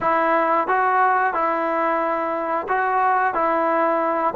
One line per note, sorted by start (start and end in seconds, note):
0.00 0.67 E4
0.67 1.33 F#4
1.33 2.67 E4
2.68 3.34 F#4
3.34 4.34 E4